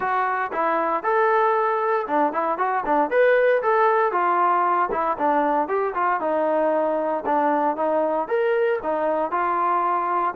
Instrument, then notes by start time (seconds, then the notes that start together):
trombone
0.00 F#4
0.52 E4
1.03 A4
2.07 D4
2.33 E4
2.58 F#4
2.85 D4
3.10 B4
3.62 A4
4.12 F4
4.91 E4
5.17 D4
5.68 G4
5.94 F4
6.20 D#4
7.25 D4
7.76 D#4
8.28 A#4
8.82 D#4
9.31 F4